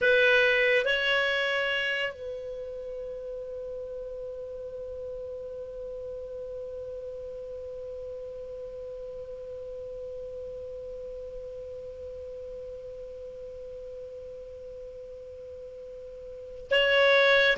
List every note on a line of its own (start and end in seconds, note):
0.01 0.85 B4
0.85 2.12 C#5
2.12 16.69 B4
16.71 17.56 C#5